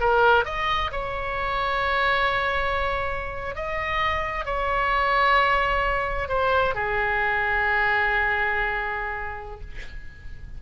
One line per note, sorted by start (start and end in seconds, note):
0.00 0.45 A#4
0.45 0.91 D#5
0.92 3.55 C#5
3.55 4.45 D#5
4.45 6.28 C#5
6.29 6.74 C5
6.74 9.60 G#4